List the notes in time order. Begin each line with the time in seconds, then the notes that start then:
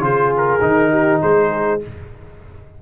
0.00 C#3 F4 G#4 C5
0.37 A#4
0.61 D#3 D#4
0.91 G4
1.22 G#3 G#4 C5